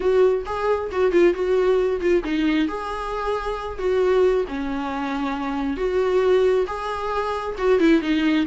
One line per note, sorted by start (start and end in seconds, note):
0.00 0.44 F#4
0.45 0.90 G#4
0.91 1.11 F#4
1.11 1.34 F4
1.34 2.00 F#4
2.00 2.23 F4
2.23 2.68 D#4
2.68 3.78 G#4
3.78 4.44 F#4
4.47 5.76 C#4
5.76 6.65 F#4
6.66 7.55 G#4
7.57 7.79 F#4
7.79 8.01 E4
8.01 8.46 D#4